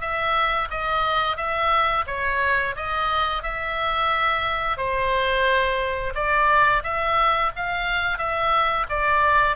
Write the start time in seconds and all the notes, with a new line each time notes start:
0.00 E5
0.70 D#5
1.36 E5
2.07 C#5
2.76 D#5
3.43 E5
4.77 C5
6.15 D5
6.83 E5
7.56 F5
8.18 E5
8.89 D5